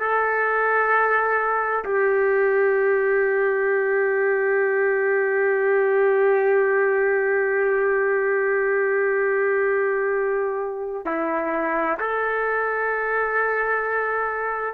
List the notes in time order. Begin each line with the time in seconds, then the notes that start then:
0.00 A4
1.85 G4
11.06 E4
12.00 A4